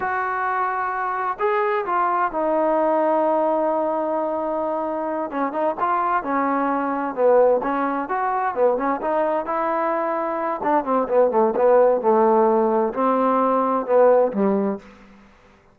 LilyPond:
\new Staff \with { instrumentName = "trombone" } { \time 4/4 \tempo 4 = 130 fis'2. gis'4 | f'4 dis'2.~ | dis'2.~ dis'8 cis'8 | dis'8 f'4 cis'2 b8~ |
b8 cis'4 fis'4 b8 cis'8 dis'8~ | dis'8 e'2~ e'8 d'8 c'8 | b8 a8 b4 a2 | c'2 b4 g4 | }